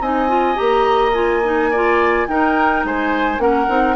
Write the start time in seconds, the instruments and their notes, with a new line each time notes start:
0.00 bassoon C4, clarinet D#4, oboe D#5, flute G#5
0.28 clarinet F4
0.55 bassoon A#3, clarinet G4, flute A#5
1.14 clarinet F4, flute G#5
1.44 clarinet D#4
1.71 clarinet F4, oboe D5
2.27 bassoon D#4, clarinet D#4, oboe A#4, flute G5
2.84 bassoon G#3, oboe C5, flute G#5
3.38 bassoon A#3, clarinet C#4, oboe A#4, flute F#5
3.67 bassoon C4, clarinet D#4